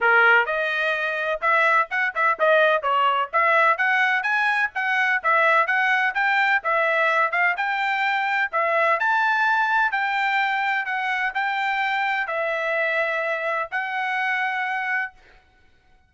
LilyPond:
\new Staff \with { instrumentName = "trumpet" } { \time 4/4 \tempo 4 = 127 ais'4 dis''2 e''4 | fis''8 e''8 dis''4 cis''4 e''4 | fis''4 gis''4 fis''4 e''4 | fis''4 g''4 e''4. f''8 |
g''2 e''4 a''4~ | a''4 g''2 fis''4 | g''2 e''2~ | e''4 fis''2. | }